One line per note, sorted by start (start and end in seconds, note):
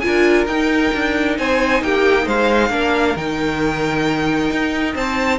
0.00 0.47 F4
0.00 1.38 A#4
0.00 0.45 G#5
0.07 0.46 D4
0.46 0.91 D#4
0.46 2.71 D#4
0.46 1.37 G5
0.94 1.39 D4
1.38 1.82 C4
1.38 1.83 C5
1.38 1.83 G#5
1.82 2.27 A#3
1.82 2.25 G4
1.82 2.28 G5
2.25 2.70 G#3
2.25 2.69 C5
2.25 3.17 F5
2.70 3.15 A#3
2.70 3.15 D4
2.70 4.95 A#4
3.16 4.50 D#3
3.16 5.39 D#4
3.16 4.96 G5
4.51 4.95 D#4
4.95 5.39 C4
4.95 5.39 C5
4.95 5.39 A5